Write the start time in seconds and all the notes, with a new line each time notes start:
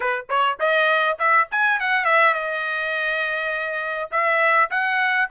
0.00 B4
0.29 C#5
0.59 D#5
1.18 E5
1.51 G#5
1.80 F#5
2.04 E5
2.34 D#5
4.11 E5
4.70 F#5